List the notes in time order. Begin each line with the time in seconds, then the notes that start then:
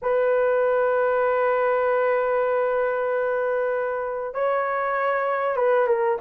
0.02 B4
4.34 C#5
5.56 B4
5.87 A#4